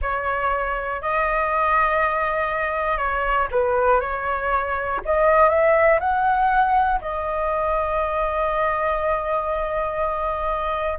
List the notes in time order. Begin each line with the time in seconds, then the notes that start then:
0.01 C#5
1.01 D#5
2.97 C#5
3.51 B4
4.00 C#5
5.05 D#5
5.49 E5
6.00 F#5
7.01 D#5